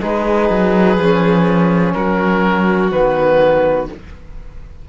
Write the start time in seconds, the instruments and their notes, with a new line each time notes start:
0.00 cello G#3, trombone D#4, violin G#4, oboe B4
0.50 cello F#3
0.98 cello F3, trombone C#4
1.94 cello F#3, violin F#4, oboe A#4
2.91 cello D#3, trombone B3, oboe B4